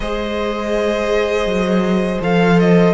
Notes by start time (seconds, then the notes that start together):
0.00 G#3 G#4 C5 D#5
1.45 F#3
2.21 F3 A4 F5
2.59 D#5